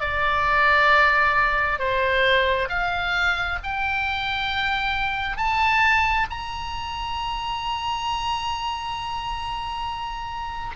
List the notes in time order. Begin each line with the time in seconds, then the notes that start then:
0.00 D5
1.79 C5
2.69 F5
3.63 G5
5.37 A5
6.30 A#5